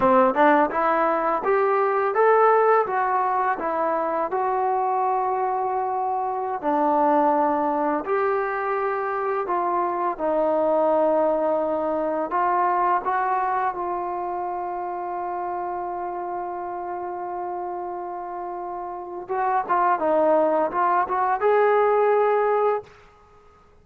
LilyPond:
\new Staff \with { instrumentName = "trombone" } { \time 4/4 \tempo 4 = 84 c'8 d'8 e'4 g'4 a'4 | fis'4 e'4 fis'2~ | fis'4~ fis'16 d'2 g'8.~ | g'4~ g'16 f'4 dis'4.~ dis'16~ |
dis'4~ dis'16 f'4 fis'4 f'8.~ | f'1~ | f'2. fis'8 f'8 | dis'4 f'8 fis'8 gis'2 | }